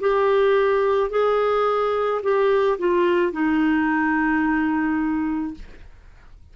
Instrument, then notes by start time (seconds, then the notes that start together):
clarinet
0.00 G4
1.11 G#4
2.23 G4
2.79 F4
3.32 D#4